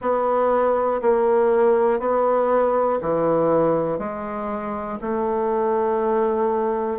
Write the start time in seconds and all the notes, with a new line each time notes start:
0.00 B3
1.01 A#3
1.99 B3
3.01 E3
3.99 G#3
5.01 A3